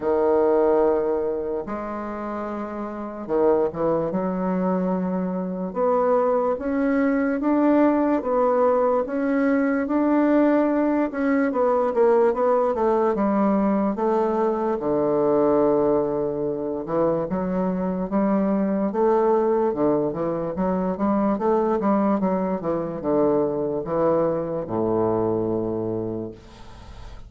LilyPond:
\new Staff \with { instrumentName = "bassoon" } { \time 4/4 \tempo 4 = 73 dis2 gis2 | dis8 e8 fis2 b4 | cis'4 d'4 b4 cis'4 | d'4. cis'8 b8 ais8 b8 a8 |
g4 a4 d2~ | d8 e8 fis4 g4 a4 | d8 e8 fis8 g8 a8 g8 fis8 e8 | d4 e4 a,2 | }